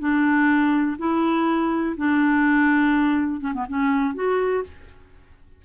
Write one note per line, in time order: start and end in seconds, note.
0.00 0.98 D4
0.99 1.96 E4
1.98 3.41 D4
3.41 3.53 C#4
3.54 3.66 B3
3.69 4.15 C#4
4.15 4.64 F#4